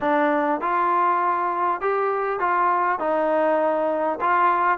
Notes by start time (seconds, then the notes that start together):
0.00 D4
0.60 F4
1.80 G4
2.39 F4
2.99 D#4
4.21 F4